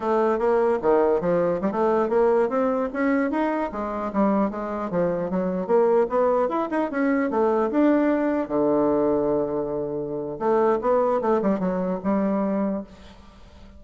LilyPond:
\new Staff \with { instrumentName = "bassoon" } { \time 4/4 \tempo 4 = 150 a4 ais4 dis4 f4 | g16 a4 ais4 c'4 cis'8.~ | cis'16 dis'4 gis4 g4 gis8.~ | gis16 f4 fis4 ais4 b8.~ |
b16 e'8 dis'8 cis'4 a4 d'8.~ | d'4~ d'16 d2~ d8.~ | d2 a4 b4 | a8 g8 fis4 g2 | }